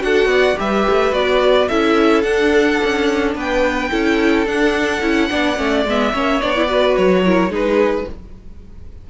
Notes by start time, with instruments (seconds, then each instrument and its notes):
0.00 cello D4, viola F#4, violin A4 F#5
0.25 cello B3, violin D5
0.56 cello G3, viola G4, violin B4 E5
0.89 cello A3
1.11 cello B3, viola F#4, violin D5
1.68 cello C#4, viola E4, violin A4 E5
2.22 cello D4, viola D4, violin F#5
2.84 cello C#4
3.35 cello B3, violin B4 G5
3.90 cello C#4, viola E4, violin A4
4.46 viola D4, cello D4, violin F#5
5.02 cello C#4, viola E4
5.29 cello B3, viola D4, violin D5
5.55 cello A3, viola C#4
5.85 cello G#3, viola B3, violin E5
6.12 cello A#3, viola C#4, violin C#5
6.41 cello B3, viola D4, violin D5
6.55 viola E4
6.66 viola F#4, violin B4
6.96 cello F#3, violin C#5
7.25 viola E4, violin A#4
7.49 cello G#3, viola D#4, violin G#4 B4